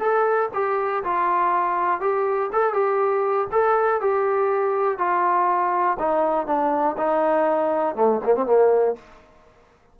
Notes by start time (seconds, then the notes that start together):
0.00 A4
0.54 G4
1.04 F4
2.01 G4
2.53 A4
2.73 G4
3.52 A4
4.01 G4
4.98 F4
5.99 D#4
6.46 D4
6.97 D#4
7.95 A3
8.24 A#3
8.35 C4
8.46 A#3